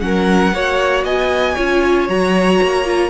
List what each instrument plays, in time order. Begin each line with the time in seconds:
0.00 cello F#3, viola C#4, violin A#4 F#5
0.52 cello A#3, viola F#4, violin C#5
1.04 cello B3, violin D#5 G#5
1.54 cello C#4, viola F4, violin C#5
2.08 cello F#3, viola F#4, violin A#5
2.62 cello A#3
2.85 viola F4